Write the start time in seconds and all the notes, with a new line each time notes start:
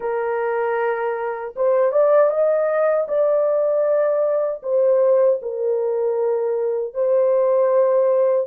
0.00 A#4
1.56 C5
1.92 D5
2.30 D#5
3.08 D5
4.63 C5
5.42 A#4
6.93 C5